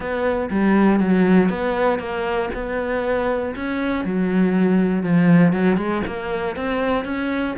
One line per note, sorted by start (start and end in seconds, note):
0.00 0.49 B3
0.50 0.99 G3
0.99 1.49 F#3
1.49 1.99 B3
1.99 2.49 A#3
2.53 3.54 B3
3.55 4.05 C#4
4.05 5.03 F#3
5.03 5.52 F3
5.52 5.77 F#3
5.77 6.02 G#3
6.06 6.55 A#3
6.55 7.05 C4
7.05 7.55 C#4